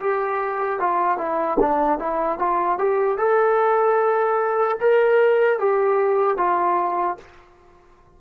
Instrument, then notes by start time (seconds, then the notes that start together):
trombone
0.00 G4
0.79 F4
1.17 E4
1.60 D4
1.99 E4
2.39 F4
2.78 G4
3.17 A4
4.80 A#4
5.59 G4
6.37 F4